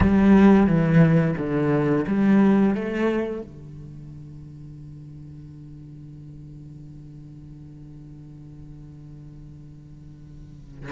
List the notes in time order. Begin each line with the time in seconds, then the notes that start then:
0.00 G3
0.66 E3
1.37 D3
2.07 G3
2.74 A3
3.41 D3